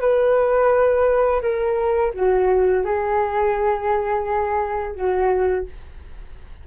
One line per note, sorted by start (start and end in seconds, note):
0.00 1.41 B4
1.41 2.12 A#4
2.14 2.84 F#4
2.84 4.95 G#4
4.95 5.66 F#4